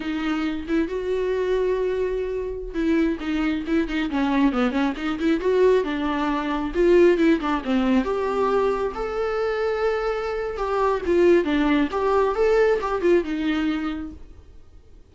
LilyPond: \new Staff \with { instrumentName = "viola" } { \time 4/4 \tempo 4 = 136 dis'4. e'8 fis'2~ | fis'2~ fis'16 e'4 dis'8.~ | dis'16 e'8 dis'8 cis'4 b8 cis'8 dis'8 e'16~ | e'16 fis'4 d'2 f'8.~ |
f'16 e'8 d'8 c'4 g'4.~ g'16~ | g'16 a'2.~ a'8. | g'4 f'4 d'4 g'4 | a'4 g'8 f'8 dis'2 | }